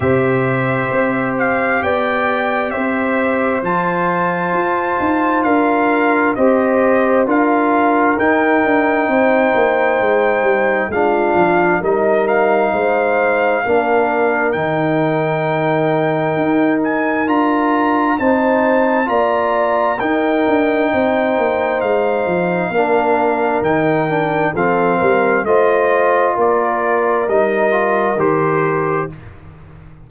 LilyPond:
<<
  \new Staff \with { instrumentName = "trumpet" } { \time 4/4 \tempo 4 = 66 e''4. f''8 g''4 e''4 | a''2 f''4 dis''4 | f''4 g''2. | f''4 dis''8 f''2~ f''8 |
g''2~ g''8 gis''8 ais''4 | a''4 ais''4 g''2 | f''2 g''4 f''4 | dis''4 d''4 dis''4 c''4 | }
  \new Staff \with { instrumentName = "horn" } { \time 4/4 c''2 d''4 c''4~ | c''2 ais'4 c''4 | ais'2 c''2 | f'4 ais'4 c''4 ais'4~ |
ais'1 | c''4 d''4 ais'4 c''4~ | c''4 ais'2 a'8 ais'8 | c''4 ais'2. | }
  \new Staff \with { instrumentName = "trombone" } { \time 4/4 g'1 | f'2. g'4 | f'4 dis'2. | d'4 dis'2 d'4 |
dis'2. f'4 | dis'4 f'4 dis'2~ | dis'4 d'4 dis'8 d'8 c'4 | f'2 dis'8 f'8 g'4 | }
  \new Staff \with { instrumentName = "tuba" } { \time 4/4 c4 c'4 b4 c'4 | f4 f'8 dis'8 d'4 c'4 | d'4 dis'8 d'8 c'8 ais8 gis8 g8 | gis8 f8 g4 gis4 ais4 |
dis2 dis'4 d'4 | c'4 ais4 dis'8 d'8 c'8 ais8 | gis8 f8 ais4 dis4 f8 g8 | a4 ais4 g4 dis4 | }
>>